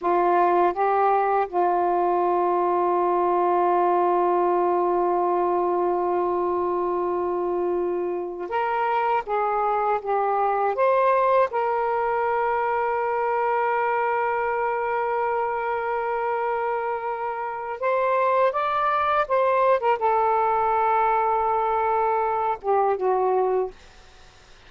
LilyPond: \new Staff \with { instrumentName = "saxophone" } { \time 4/4 \tempo 4 = 81 f'4 g'4 f'2~ | f'1~ | f'2.~ f'8 ais'8~ | ais'8 gis'4 g'4 c''4 ais'8~ |
ais'1~ | ais'1 | c''4 d''4 c''8. ais'16 a'4~ | a'2~ a'8 g'8 fis'4 | }